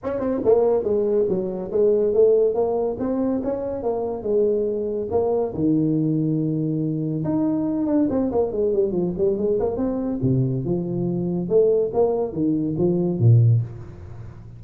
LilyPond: \new Staff \with { instrumentName = "tuba" } { \time 4/4 \tempo 4 = 141 cis'8 c'8 ais4 gis4 fis4 | gis4 a4 ais4 c'4 | cis'4 ais4 gis2 | ais4 dis2.~ |
dis4 dis'4. d'8 c'8 ais8 | gis8 g8 f8 g8 gis8 ais8 c'4 | c4 f2 a4 | ais4 dis4 f4 ais,4 | }